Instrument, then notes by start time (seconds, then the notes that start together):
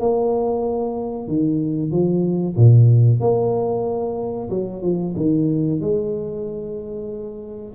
tuba
0.00 A#3
1.28 D#3
1.91 F3
2.56 A#2
3.21 A#3
4.50 F#3
4.82 F3
5.16 D#3
5.81 G#3